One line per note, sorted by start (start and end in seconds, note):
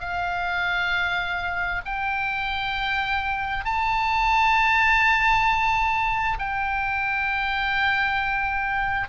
0.00 1.82 F5
1.86 3.65 G5
3.65 6.38 A5
6.39 9.09 G5